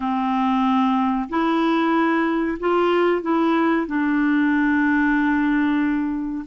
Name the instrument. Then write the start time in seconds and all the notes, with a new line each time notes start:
clarinet
0.00 C4
1.29 E4
2.59 F4
3.22 E4
3.86 D4